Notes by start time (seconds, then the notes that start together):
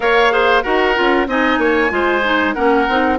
0.00 A#3 A#4 C#5 F5
0.30 G#4 C5
0.62 D#4 F#4 A#4 F#5
0.94 C#4 F4
1.27 C4 D#4 D#5 G#5
1.58 A#3 C#5
1.89 G#3 F4 C5
2.23 D#4
2.53 A#3 C#4 A#4 F#5
2.88 C4 D#4